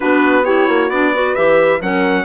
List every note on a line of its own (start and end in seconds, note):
0.00 0.68 B3
0.00 0.43 D4
0.00 0.44 F#4
0.00 0.44 B4
0.44 0.90 E4
0.44 0.67 G4
0.44 0.90 C#5
0.67 0.89 A#3
0.67 1.12 F#4
0.89 1.34 B3
0.89 1.14 D4
0.89 1.34 D5
1.13 1.35 F#4
1.13 1.81 B4
1.34 1.80 E3
1.34 1.81 G4
1.34 1.79 E5
1.80 2.24 F#3
1.80 2.24 C#4
1.80 2.24 A#4
1.80 2.24 F#5